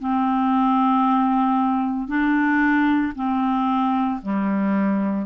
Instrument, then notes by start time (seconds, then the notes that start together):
clarinet
0.00 C4
2.08 D4
3.16 C4
4.22 G3